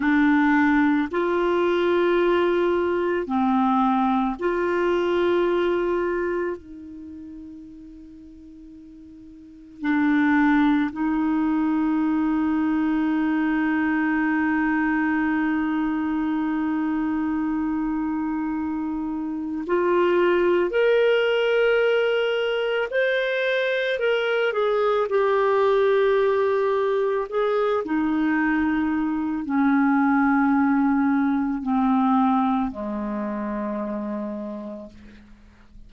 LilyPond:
\new Staff \with { instrumentName = "clarinet" } { \time 4/4 \tempo 4 = 55 d'4 f'2 c'4 | f'2 dis'2~ | dis'4 d'4 dis'2~ | dis'1~ |
dis'2 f'4 ais'4~ | ais'4 c''4 ais'8 gis'8 g'4~ | g'4 gis'8 dis'4. cis'4~ | cis'4 c'4 gis2 | }